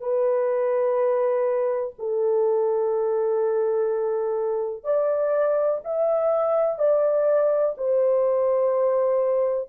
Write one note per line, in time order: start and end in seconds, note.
0.00 1.94 B4
1.98 4.84 A4
4.84 5.81 D5
5.84 6.78 E5
6.78 7.75 D5
7.77 9.69 C5